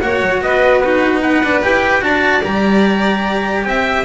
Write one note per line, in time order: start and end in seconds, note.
0.00 0.22 A#3
0.00 0.83 F#4
0.00 0.43 C#5
0.00 0.41 F#5
0.22 0.41 F#3
0.41 1.62 B3
0.41 0.83 B4
0.41 0.80 D#5
0.80 1.44 D#4
0.80 1.22 F#4
0.80 1.21 B4
1.22 2.03 B4
1.22 1.62 F#5
1.44 1.63 D4
1.63 2.02 E4
1.63 2.01 G4
1.63 2.03 G5
2.01 2.42 D4
2.01 2.42 F#4
2.01 3.67 D5
2.01 2.44 A5
2.43 3.65 G3
2.43 4.05 G4
2.43 3.64 A#5
3.64 4.05 C4
3.64 4.05 E5
3.64 4.05 G5